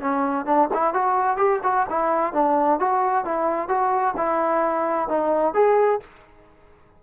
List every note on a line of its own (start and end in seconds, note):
0.00 0.45 C#4
0.45 0.68 D4
0.73 0.93 E4
0.93 1.36 F#4
1.36 1.59 G4
1.63 1.86 F#4
1.89 2.33 E4
2.33 2.79 D4
2.79 3.25 F#4
3.25 3.68 E4
3.68 4.14 F#4
4.16 5.08 E4
5.08 5.54 D#4
5.54 6.00 G#4